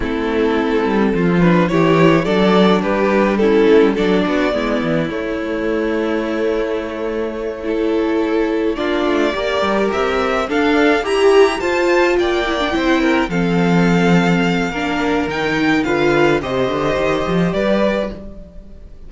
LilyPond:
<<
  \new Staff \with { instrumentName = "violin" } { \time 4/4 \tempo 4 = 106 a'2~ a'8 b'8 cis''4 | d''4 b'4 a'4 d''4~ | d''4 cis''2.~ | cis''2.~ cis''8 d''8~ |
d''4. e''4 f''4 ais''8~ | ais''8 a''4 g''2 f''8~ | f''2. g''4 | f''4 dis''2 d''4 | }
  \new Staff \with { instrumentName = "violin" } { \time 4/4 e'2 f'4 g'4 | a'4 g'4 e'4 a'8 fis'8 | e'1~ | e'4. a'2 f'8~ |
f'8 ais'2 a'4 g'8~ | g'8 c''4 d''4 c''8 ais'8 a'8~ | a'2 ais'2 | b'4 c''2 b'4 | }
  \new Staff \with { instrumentName = "viola" } { \time 4/4 c'2~ c'8 d'8 e'4 | d'2 cis'4 d'4 | b4 a2.~ | a4. e'2 d'8~ |
d'8 g'2 d'4 g'8~ | g'8 f'4. e'16 d'16 e'4 c'8~ | c'2 d'4 dis'4 | f'4 g'2. | }
  \new Staff \with { instrumentName = "cello" } { \time 4/4 a4. g8 f4 e4 | fis4 g4. a16 g16 fis8 b8 | gis8 e8 a2.~ | a2.~ a8 ais8 |
a8 ais8 g8 c'4 d'4 e'8~ | e'8 f'4 ais4 c'4 f8~ | f2 ais4 dis4 | d4 c8 d8 dis8 f8 g4 | }
>>